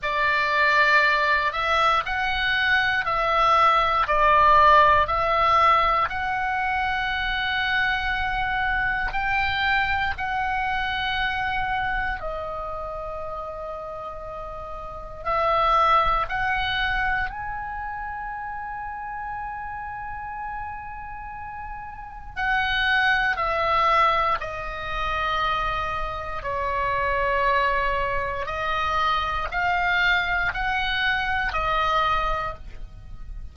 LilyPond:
\new Staff \with { instrumentName = "oboe" } { \time 4/4 \tempo 4 = 59 d''4. e''8 fis''4 e''4 | d''4 e''4 fis''2~ | fis''4 g''4 fis''2 | dis''2. e''4 |
fis''4 gis''2.~ | gis''2 fis''4 e''4 | dis''2 cis''2 | dis''4 f''4 fis''4 dis''4 | }